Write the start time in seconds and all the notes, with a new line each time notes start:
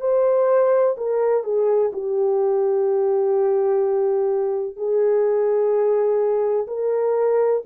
0.00 C5
0.97 A#4
1.44 G#4
1.93 G4
4.76 G#4
6.67 A#4